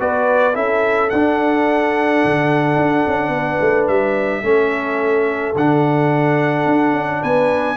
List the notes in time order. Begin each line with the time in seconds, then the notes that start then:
0.00 B3 F#4 B4 D5
0.54 C#4 E4 A4 E5
1.10 D4 F#5
2.25 D3
2.77 D4
3.07 C#4
3.29 B3
3.35 B4
3.61 A3
3.88 G3 E5
4.43 A3 C#4 A4
5.55 D3 D4 F#5
6.66 D4
6.93 C#4
7.22 B3 B4 G#5